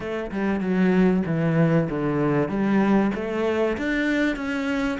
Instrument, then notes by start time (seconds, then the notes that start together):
cello
0.00 A3
0.31 G3
0.60 F#3
1.26 E3
1.89 D3
2.48 G3
3.14 A3
3.77 D4
4.36 C#4